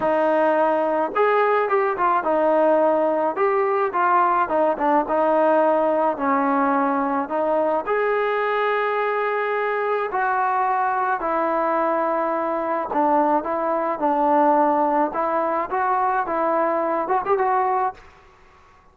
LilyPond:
\new Staff \with { instrumentName = "trombone" } { \time 4/4 \tempo 4 = 107 dis'2 gis'4 g'8 f'8 | dis'2 g'4 f'4 | dis'8 d'8 dis'2 cis'4~ | cis'4 dis'4 gis'2~ |
gis'2 fis'2 | e'2. d'4 | e'4 d'2 e'4 | fis'4 e'4. fis'16 g'16 fis'4 | }